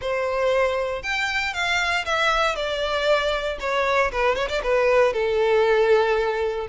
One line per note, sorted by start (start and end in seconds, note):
0.01 1.02 C5
1.02 1.53 G5
1.53 2.05 F5
2.05 2.55 E5
2.55 3.58 D5
3.60 4.11 C#5
4.11 4.35 B4
4.35 4.48 C#5
4.48 4.61 D5
4.63 5.13 B4
5.13 6.67 A4